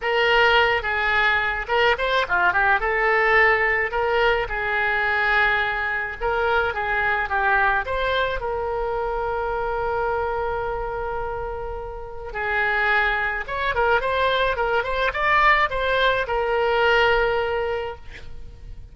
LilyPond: \new Staff \with { instrumentName = "oboe" } { \time 4/4 \tempo 4 = 107 ais'4. gis'4. ais'8 c''8 | f'8 g'8 a'2 ais'4 | gis'2. ais'4 | gis'4 g'4 c''4 ais'4~ |
ais'1~ | ais'2 gis'2 | cis''8 ais'8 c''4 ais'8 c''8 d''4 | c''4 ais'2. | }